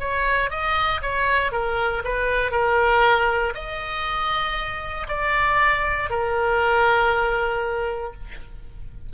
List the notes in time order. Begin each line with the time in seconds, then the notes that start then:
0.00 C#5
0.50 D#5
1.02 C#5
1.52 A#4
2.05 B4
2.52 A#4
3.55 D#5
5.09 D5
6.10 A#4